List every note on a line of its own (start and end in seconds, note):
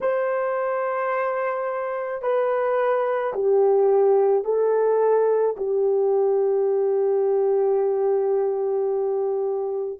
0.01 2.22 C5
2.22 3.33 B4
3.33 4.44 G4
4.44 5.55 A4
5.57 9.99 G4